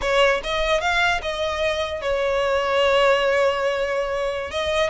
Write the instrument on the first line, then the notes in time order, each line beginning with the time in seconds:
violin
0.01 C#5
0.43 D#5
0.80 F5
1.21 D#5
2.01 C#5
4.51 D#5